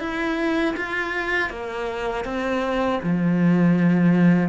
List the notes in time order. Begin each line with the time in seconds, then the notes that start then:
0.00 E4
0.77 F4
1.50 A#3
2.25 C4
3.03 F3